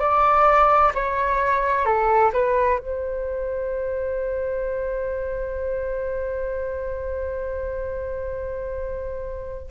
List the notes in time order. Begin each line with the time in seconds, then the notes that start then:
0.00 D5
0.95 C#5
1.85 A4
2.33 B4
2.79 C5